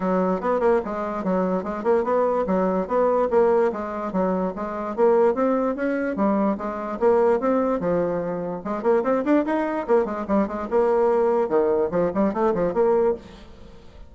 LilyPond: \new Staff \with { instrumentName = "bassoon" } { \time 4/4 \tempo 4 = 146 fis4 b8 ais8 gis4 fis4 | gis8 ais8 b4 fis4 b4 | ais4 gis4 fis4 gis4 | ais4 c'4 cis'4 g4 |
gis4 ais4 c'4 f4~ | f4 gis8 ais8 c'8 d'8 dis'4 | ais8 gis8 g8 gis8 ais2 | dis4 f8 g8 a8 f8 ais4 | }